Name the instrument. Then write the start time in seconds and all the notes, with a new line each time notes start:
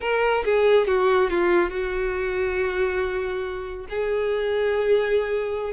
violin
0.00 A#4
0.44 G#4
0.87 F#4
1.29 F4
1.70 F#4
3.89 G#4